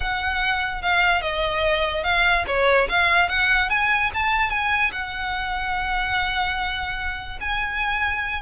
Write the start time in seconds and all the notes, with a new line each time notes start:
0.00 F#5
0.81 F5
1.21 D#5
2.03 F5
2.47 C#5
2.88 F5
3.28 F#5
3.69 G#5
4.14 A5
4.50 G#5
4.92 F#5
7.40 G#5